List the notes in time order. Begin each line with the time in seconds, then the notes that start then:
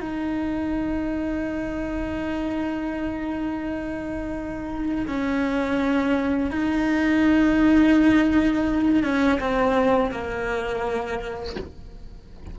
0.00 D#4
5.07 C#4
6.51 D#4
9.03 C#4
9.39 C4
10.11 A#3